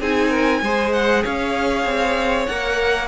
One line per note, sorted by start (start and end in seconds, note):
0.00 0.61 C4
0.00 0.63 D#4
0.00 0.29 G#4
0.00 0.92 G#5
0.29 0.60 A#4
0.61 1.23 G#3
0.61 2.49 G#4
0.61 1.23 C5
0.92 1.23 F#5
1.23 1.84 C#4
1.23 3.08 C#5
1.23 2.46 F5
1.84 2.46 C4
2.46 3.08 A#3
2.46 3.08 A#4
2.46 3.08 F#5